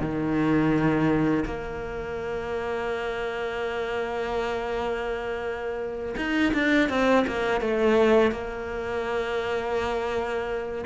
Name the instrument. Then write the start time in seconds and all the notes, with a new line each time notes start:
cello
0.00 D#3
1.45 A#3
6.17 D#4
6.53 D4
6.89 C4
7.27 A#3
7.61 A3
8.32 A#3